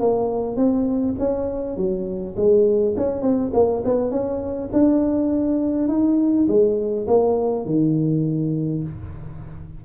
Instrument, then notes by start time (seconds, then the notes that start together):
tuba
0.00 A#3
0.56 C4
1.19 C#4
1.77 F#3
2.36 G#3
2.97 C#4
3.21 C4
3.53 A#3
3.84 B3
4.11 C#4
4.73 D4
5.88 D#4
6.48 G#3
7.07 A#3
7.66 D#3